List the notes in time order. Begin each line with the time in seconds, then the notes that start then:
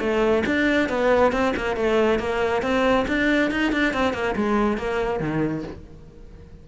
0.00 A3
0.47 D4
0.89 B3
1.32 C4
1.56 A#3
1.77 A3
2.19 A#3
2.62 C4
3.08 D4
3.51 D#4
3.73 D4
3.94 C4
4.14 A#3
4.36 G#3
4.78 A#3
5.20 D#3